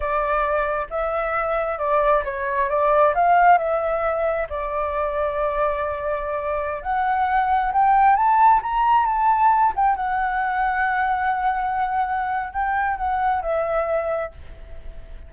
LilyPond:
\new Staff \with { instrumentName = "flute" } { \time 4/4 \tempo 4 = 134 d''2 e''2 | d''4 cis''4 d''4 f''4 | e''2 d''2~ | d''2.~ d''16 fis''8.~ |
fis''4~ fis''16 g''4 a''4 ais''8.~ | ais''16 a''4. g''8 fis''4.~ fis''16~ | fis''1 | g''4 fis''4 e''2 | }